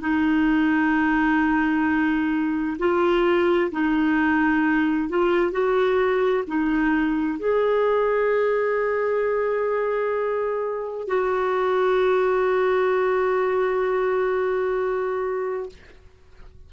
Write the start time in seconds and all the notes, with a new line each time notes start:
0.00 D#4
2.79 F4
3.72 D#4
5.09 F4
5.52 F#4
6.47 D#4
7.39 G#4
11.08 F#4